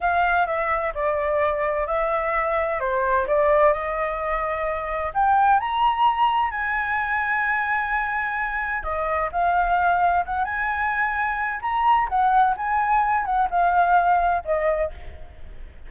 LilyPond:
\new Staff \with { instrumentName = "flute" } { \time 4/4 \tempo 4 = 129 f''4 e''4 d''2 | e''2 c''4 d''4 | dis''2. g''4 | ais''2 gis''2~ |
gis''2. dis''4 | f''2 fis''8 gis''4.~ | gis''4 ais''4 fis''4 gis''4~ | gis''8 fis''8 f''2 dis''4 | }